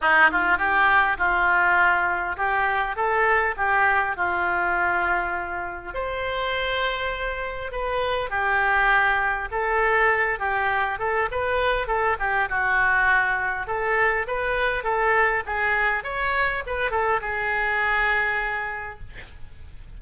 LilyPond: \new Staff \with { instrumentName = "oboe" } { \time 4/4 \tempo 4 = 101 dis'8 f'8 g'4 f'2 | g'4 a'4 g'4 f'4~ | f'2 c''2~ | c''4 b'4 g'2 |
a'4. g'4 a'8 b'4 | a'8 g'8 fis'2 a'4 | b'4 a'4 gis'4 cis''4 | b'8 a'8 gis'2. | }